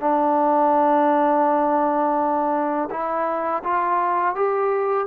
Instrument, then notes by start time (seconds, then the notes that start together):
trombone
0.00 D4
2.90 E4
3.63 F4
4.35 G4